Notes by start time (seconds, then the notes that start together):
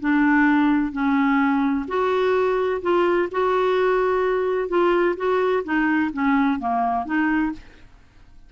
0.00 D4
0.92 C#4
1.87 F#4
2.82 F4
3.31 F#4
4.68 F4
5.16 F#4
5.64 D#4
6.13 C#4
6.59 A#3
7.05 D#4